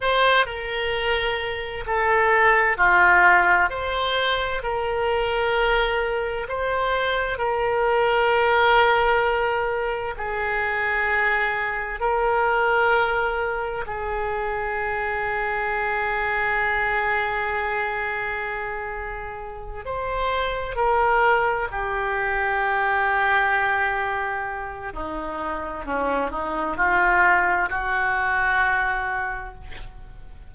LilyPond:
\new Staff \with { instrumentName = "oboe" } { \time 4/4 \tempo 4 = 65 c''8 ais'4. a'4 f'4 | c''4 ais'2 c''4 | ais'2. gis'4~ | gis'4 ais'2 gis'4~ |
gis'1~ | gis'4. c''4 ais'4 g'8~ | g'2. dis'4 | cis'8 dis'8 f'4 fis'2 | }